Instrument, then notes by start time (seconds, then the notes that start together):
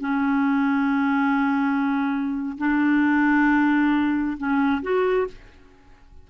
clarinet
0.00 C#4
2.58 D4
4.37 C#4
4.82 F#4